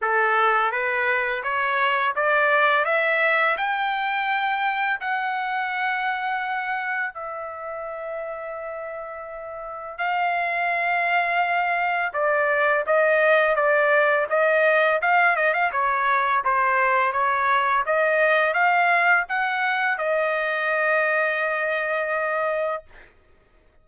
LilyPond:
\new Staff \with { instrumentName = "trumpet" } { \time 4/4 \tempo 4 = 84 a'4 b'4 cis''4 d''4 | e''4 g''2 fis''4~ | fis''2 e''2~ | e''2 f''2~ |
f''4 d''4 dis''4 d''4 | dis''4 f''8 dis''16 f''16 cis''4 c''4 | cis''4 dis''4 f''4 fis''4 | dis''1 | }